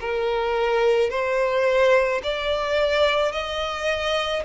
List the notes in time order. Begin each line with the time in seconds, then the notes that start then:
0.00 A#4
1.10 C5
2.23 D5
3.31 D#5